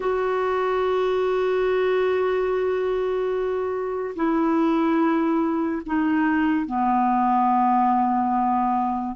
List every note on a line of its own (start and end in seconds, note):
0.00 4.14 F#4
4.15 5.82 E4
5.86 6.66 D#4
6.66 9.15 B3